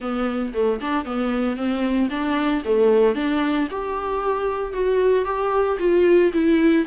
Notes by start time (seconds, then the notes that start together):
0.00 B3
0.53 A3
0.80 D4
1.05 B3
1.56 C4
2.10 D4
2.65 A3
3.15 D4
3.70 G4
4.73 F#4
5.25 G4
5.79 F4
6.33 E4